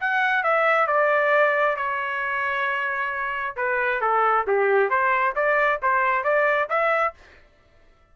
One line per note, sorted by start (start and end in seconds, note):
0.00 0.43 F#5
0.43 0.87 E5
0.87 1.76 D5
1.76 3.56 C#5
3.56 4.01 B4
4.01 4.46 A4
4.47 4.89 G4
4.89 5.34 C5
5.35 5.80 D5
5.82 6.23 C5
6.23 6.68 D5
6.69 7.14 E5